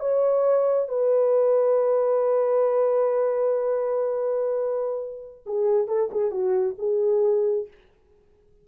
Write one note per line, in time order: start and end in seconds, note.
0.00 0.88 C#5
0.88 5.44 B4
5.46 5.87 G#4
5.87 6.10 A4
6.12 6.31 G#4
6.31 6.75 F#4
6.78 7.67 G#4